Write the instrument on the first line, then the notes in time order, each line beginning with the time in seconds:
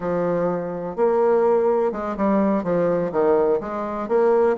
bassoon
0.00 F3
0.96 A#3
1.92 G#3
2.16 G3
2.63 F3
3.12 D#3
3.60 G#3
4.08 A#3